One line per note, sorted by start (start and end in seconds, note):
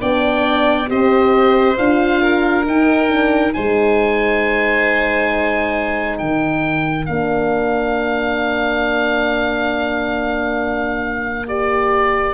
0.00 0.90 B3
0.00 0.87 D4
0.00 0.89 D5
0.00 0.89 G5
0.87 1.78 C4
0.87 1.75 G4
0.87 2.21 C5
0.87 1.77 D#5
1.77 2.66 D4
1.77 2.65 F4
1.77 2.65 F5
2.21 3.53 A#4
2.66 3.54 D#4
2.66 3.08 D#4
2.66 3.53 G5
3.08 3.52 D4
3.53 6.20 G#3
3.53 7.07 D#4
3.53 6.18 C5
3.53 6.18 G#5
6.18 7.08 D#3
6.18 12.34 A#4
6.18 7.06 G5
7.06 12.34 A#3
7.06 11.47 D4
7.06 11.47 F5
11.47 12.34 G4
11.47 12.34 D5